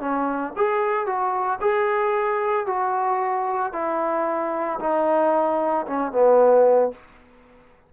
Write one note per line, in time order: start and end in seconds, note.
0.00 0.53 C#4
0.56 1.06 G#4
1.06 1.59 F#4
1.61 2.66 G#4
2.66 3.73 F#4
3.73 4.79 E4
4.80 5.86 D#4
5.86 6.12 C#4
6.12 6.91 B3